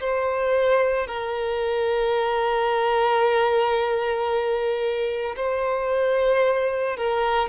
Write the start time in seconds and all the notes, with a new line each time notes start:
0.00 C5
1.07 A#4
5.36 C5
6.96 A#4